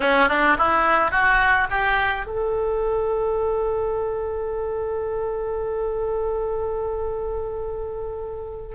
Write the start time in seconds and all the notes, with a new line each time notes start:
0.00 C#4
0.28 D4
0.58 E4
1.11 F#4
1.70 G4
2.26 A4